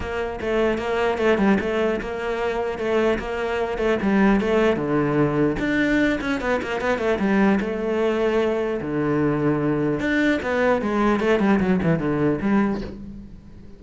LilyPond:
\new Staff \with { instrumentName = "cello" } { \time 4/4 \tempo 4 = 150 ais4 a4 ais4 a8 g8 | a4 ais2 a4 | ais4. a8 g4 a4 | d2 d'4. cis'8 |
b8 ais8 b8 a8 g4 a4~ | a2 d2~ | d4 d'4 b4 gis4 | a8 g8 fis8 e8 d4 g4 | }